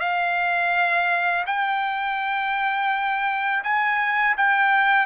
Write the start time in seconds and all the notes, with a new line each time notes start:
0.00 F5
1.47 G5
3.64 G#5
4.38 G5